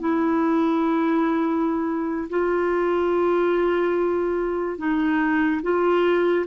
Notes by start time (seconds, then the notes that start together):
0.00 E4
2.30 F4
4.78 D#4
5.63 F4